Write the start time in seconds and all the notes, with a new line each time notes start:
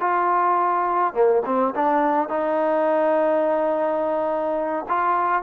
0.00 F4
1.14 A#3
1.45 C4
1.75 D4
2.29 D#4
4.88 F4